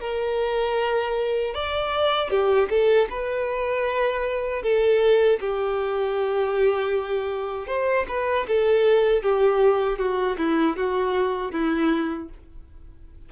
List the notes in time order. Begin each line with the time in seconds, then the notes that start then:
0.00 A#4
1.54 D5
2.30 G4
2.70 A4
3.10 B4
4.63 A4
5.40 G4
7.67 C5
8.08 B4
8.48 A4
9.22 G4
9.99 F#4
10.38 E4
10.77 F#4
11.52 E4